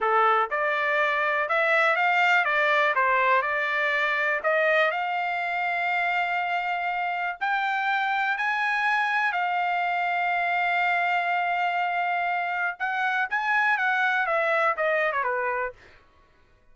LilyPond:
\new Staff \with { instrumentName = "trumpet" } { \time 4/4 \tempo 4 = 122 a'4 d''2 e''4 | f''4 d''4 c''4 d''4~ | d''4 dis''4 f''2~ | f''2. g''4~ |
g''4 gis''2 f''4~ | f''1~ | f''2 fis''4 gis''4 | fis''4 e''4 dis''8. cis''16 b'4 | }